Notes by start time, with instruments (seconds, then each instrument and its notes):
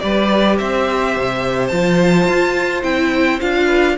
0.00 cello G3, viola G4, violin B4 D5
0.58 cello C4, violin C5 E5
1.17 cello C3
1.68 cello F3, viola F4, violin A5
2.27 cello F4
2.83 cello C4, viola E4, violin G5
3.40 cello D4, viola F4, violin F5
3.65 violin B4